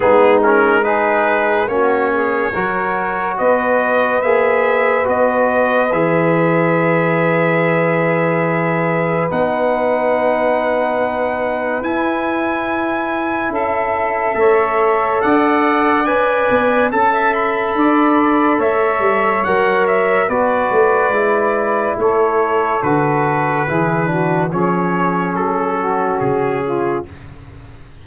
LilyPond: <<
  \new Staff \with { instrumentName = "trumpet" } { \time 4/4 \tempo 4 = 71 gis'8 ais'8 b'4 cis''2 | dis''4 e''4 dis''4 e''4~ | e''2. fis''4~ | fis''2 gis''2 |
e''2 fis''4 gis''4 | a''8 b''4. e''4 fis''8 e''8 | d''2 cis''4 b'4~ | b'4 cis''4 a'4 gis'4 | }
  \new Staff \with { instrumentName = "saxophone" } { \time 4/4 dis'4 gis'4 fis'8 gis'8 ais'4 | b'1~ | b'1~ | b'1 |
a'4 cis''4 d''2 | a'16 e''8. d''4 cis''2 | b'2 a'2 | gis'8 fis'8 gis'4. fis'4 f'8 | }
  \new Staff \with { instrumentName = "trombone" } { \time 4/4 b8 cis'8 dis'4 cis'4 fis'4~ | fis'4 gis'4 fis'4 gis'4~ | gis'2. dis'4~ | dis'2 e'2~ |
e'4 a'2 b'4 | a'2. ais'4 | fis'4 e'2 fis'4 | e'8 d'8 cis'2. | }
  \new Staff \with { instrumentName = "tuba" } { \time 4/4 gis2 ais4 fis4 | b4 ais4 b4 e4~ | e2. b4~ | b2 e'2 |
cis'4 a4 d'4 cis'8 b8 | cis'4 d'4 a8 g8 fis4 | b8 a8 gis4 a4 d4 | e4 f4 fis4 cis4 | }
>>